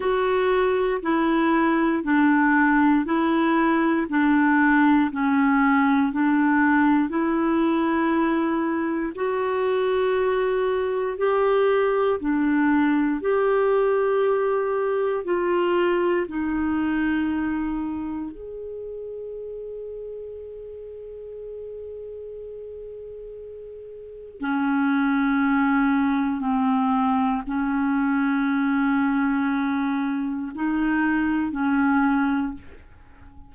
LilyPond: \new Staff \with { instrumentName = "clarinet" } { \time 4/4 \tempo 4 = 59 fis'4 e'4 d'4 e'4 | d'4 cis'4 d'4 e'4~ | e'4 fis'2 g'4 | d'4 g'2 f'4 |
dis'2 gis'2~ | gis'1 | cis'2 c'4 cis'4~ | cis'2 dis'4 cis'4 | }